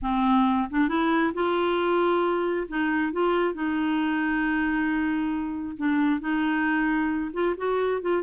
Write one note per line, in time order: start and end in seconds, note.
0.02 0.68 C4
0.70 0.88 D4
0.88 1.32 E4
1.33 2.67 F4
2.67 3.12 D#4
3.12 3.54 F4
3.54 5.76 D#4
5.77 6.20 D4
6.20 7.31 D#4
7.33 7.55 F4
7.57 8.01 F#4
8.01 8.22 F4